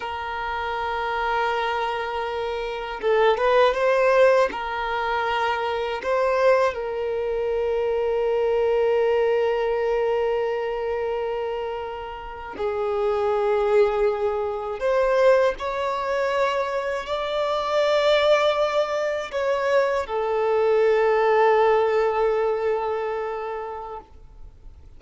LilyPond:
\new Staff \with { instrumentName = "violin" } { \time 4/4 \tempo 4 = 80 ais'1 | a'8 b'8 c''4 ais'2 | c''4 ais'2.~ | ais'1~ |
ais'8. gis'2. c''16~ | c''8. cis''2 d''4~ d''16~ | d''4.~ d''16 cis''4 a'4~ a'16~ | a'1 | }